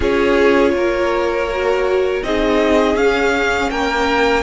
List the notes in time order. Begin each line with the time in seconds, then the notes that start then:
0.00 C#4 F4 G#4 C#5
0.73 A#3 A#4
1.50 F#4
2.22 C4 D#4 G#4 D#5
2.95 C#4 F5
3.70 A#3 A#4 G5